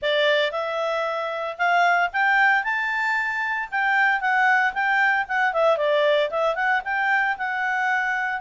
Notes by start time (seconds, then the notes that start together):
0.02 D5
0.51 E5
1.57 F5
2.12 G5
2.63 A5
3.71 G5
4.20 F#5
4.73 G5
5.28 F#5
5.53 E5
5.77 D5
6.30 E5
6.55 F#5
6.84 G5
7.37 F#5